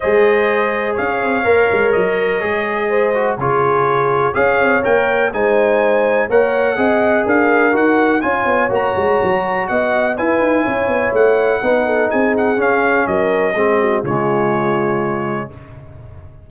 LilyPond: <<
  \new Staff \with { instrumentName = "trumpet" } { \time 4/4 \tempo 4 = 124 dis''2 f''2 | dis''2. cis''4~ | cis''4 f''4 g''4 gis''4~ | gis''4 fis''2 f''4 |
fis''4 gis''4 ais''2 | fis''4 gis''2 fis''4~ | fis''4 gis''8 fis''8 f''4 dis''4~ | dis''4 cis''2. | }
  \new Staff \with { instrumentName = "horn" } { \time 4/4 c''2 cis''2~ | cis''2 c''4 gis'4~ | gis'4 cis''2 c''4~ | c''4 cis''4 dis''4 ais'4~ |
ais'4 cis''2. | dis''4 b'4 cis''2 | b'8 a'8 gis'2 ais'4 | gis'8 fis'8 f'2. | }
  \new Staff \with { instrumentName = "trombone" } { \time 4/4 gis'2. ais'4~ | ais'4 gis'4. fis'8 f'4~ | f'4 gis'4 ais'4 dis'4~ | dis'4 ais'4 gis'2 |
fis'4 f'4 fis'2~ | fis'4 e'2. | dis'2 cis'2 | c'4 gis2. | }
  \new Staff \with { instrumentName = "tuba" } { \time 4/4 gis2 cis'8 c'8 ais8 gis8 | fis4 gis2 cis4~ | cis4 cis'8 c'8 ais4 gis4~ | gis4 ais4 c'4 d'4 |
dis'4 cis'8 b8 ais8 gis8 fis4 | b4 e'8 dis'8 cis'8 b8 a4 | b4 c'4 cis'4 fis4 | gis4 cis2. | }
>>